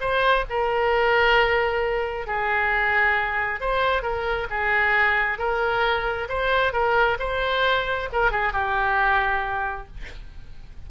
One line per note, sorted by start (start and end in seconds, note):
0.00 0.45 C5
0.50 2.27 A#4
2.27 3.60 G#4
3.60 4.02 C5
4.02 4.47 A#4
4.50 5.38 G#4
5.38 6.28 A#4
6.28 6.72 C5
6.72 7.17 A#4
7.19 8.09 C5
8.12 8.31 A#4
8.31 8.53 G#4
8.53 9.87 G4